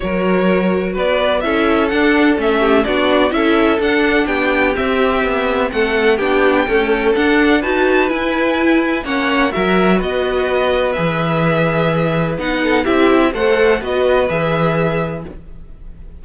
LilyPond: <<
  \new Staff \with { instrumentName = "violin" } { \time 4/4 \tempo 4 = 126 cis''2 d''4 e''4 | fis''4 e''4 d''4 e''4 | fis''4 g''4 e''2 | fis''4 g''2 fis''4 |
a''4 gis''2 fis''4 | e''4 dis''2 e''4~ | e''2 fis''4 e''4 | fis''4 dis''4 e''2 | }
  \new Staff \with { instrumentName = "violin" } { \time 4/4 ais'2 b'4 a'4~ | a'4. g'8 fis'4 a'4~ | a'4 g'2. | a'4 g'4 a'2 |
b'2. cis''4 | ais'4 b'2.~ | b'2~ b'8 a'8 g'4 | c''4 b'2. | }
  \new Staff \with { instrumentName = "viola" } { \time 4/4 fis'2. e'4 | d'4 cis'4 d'4 e'4 | d'2 c'2~ | c'4 d'4 a4 d'4 |
fis'4 e'2 cis'4 | fis'2. gis'4~ | gis'2 dis'4 e'4 | a'4 fis'4 gis'2 | }
  \new Staff \with { instrumentName = "cello" } { \time 4/4 fis2 b4 cis'4 | d'4 a4 b4 cis'4 | d'4 b4 c'4 b4 | a4 b4 cis'4 d'4 |
dis'4 e'2 ais4 | fis4 b2 e4~ | e2 b4 c'4 | a4 b4 e2 | }
>>